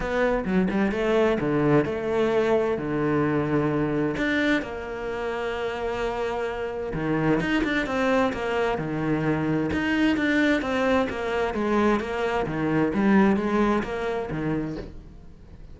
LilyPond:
\new Staff \with { instrumentName = "cello" } { \time 4/4 \tempo 4 = 130 b4 fis8 g8 a4 d4 | a2 d2~ | d4 d'4 ais2~ | ais2. dis4 |
dis'8 d'8 c'4 ais4 dis4~ | dis4 dis'4 d'4 c'4 | ais4 gis4 ais4 dis4 | g4 gis4 ais4 dis4 | }